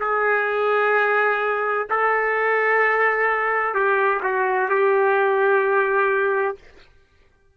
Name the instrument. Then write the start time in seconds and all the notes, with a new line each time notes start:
trumpet
0.00 G#4
1.90 A4
3.75 G4
4.23 F#4
4.70 G4